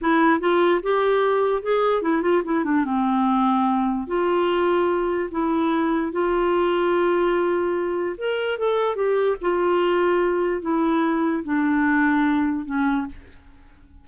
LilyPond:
\new Staff \with { instrumentName = "clarinet" } { \time 4/4 \tempo 4 = 147 e'4 f'4 g'2 | gis'4 e'8 f'8 e'8 d'8 c'4~ | c'2 f'2~ | f'4 e'2 f'4~ |
f'1 | ais'4 a'4 g'4 f'4~ | f'2 e'2 | d'2. cis'4 | }